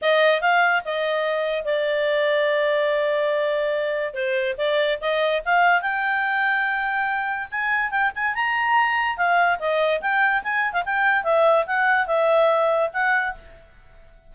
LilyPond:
\new Staff \with { instrumentName = "clarinet" } { \time 4/4 \tempo 4 = 144 dis''4 f''4 dis''2 | d''1~ | d''2 c''4 d''4 | dis''4 f''4 g''2~ |
g''2 gis''4 g''8 gis''8 | ais''2 f''4 dis''4 | g''4 gis''8. f''16 g''4 e''4 | fis''4 e''2 fis''4 | }